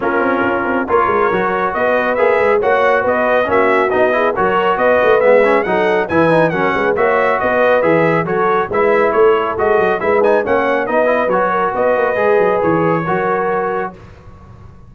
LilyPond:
<<
  \new Staff \with { instrumentName = "trumpet" } { \time 4/4 \tempo 4 = 138 ais'2 cis''2 | dis''4 e''4 fis''4 dis''4 | e''4 dis''4 cis''4 dis''4 | e''4 fis''4 gis''4 fis''4 |
e''4 dis''4 e''4 cis''4 | e''4 cis''4 dis''4 e''8 gis''8 | fis''4 dis''4 cis''4 dis''4~ | dis''4 cis''2. | }
  \new Staff \with { instrumentName = "horn" } { \time 4/4 f'2 ais'2 | b'2 cis''4 b'4 | fis'4. gis'8 ais'4 b'4~ | b'4 a'4 b'4 ais'8 b'8 |
cis''4 b'2 a'4 | b'4 a'2 b'4 | cis''4 b'4. ais'8 b'4~ | b'2 ais'2 | }
  \new Staff \with { instrumentName = "trombone" } { \time 4/4 cis'2 f'4 fis'4~ | fis'4 gis'4 fis'2 | cis'4 dis'8 e'8 fis'2 | b8 cis'8 dis'4 e'8 dis'8 cis'4 |
fis'2 gis'4 fis'4 | e'2 fis'4 e'8 dis'8 | cis'4 dis'8 e'8 fis'2 | gis'2 fis'2 | }
  \new Staff \with { instrumentName = "tuba" } { \time 4/4 ais8 c'8 cis'8 c'8 ais8 gis8 fis4 | b4 ais8 gis8 ais4 b4 | ais4 b4 fis4 b8 a8 | gis4 fis4 e4 fis8 gis8 |
ais4 b4 e4 fis4 | gis4 a4 gis8 fis8 gis4 | ais4 b4 fis4 b8 ais8 | gis8 fis8 e4 fis2 | }
>>